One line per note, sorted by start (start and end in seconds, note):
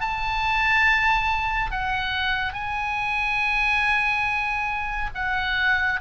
0.00 1.71 A5
1.71 2.53 F#5
2.53 5.10 G#5
5.15 6.00 F#5